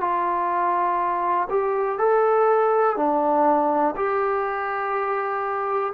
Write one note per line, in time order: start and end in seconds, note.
0.00 1.48 F4
1.49 1.98 G4
1.98 2.96 A4
2.96 3.94 D4
3.96 5.92 G4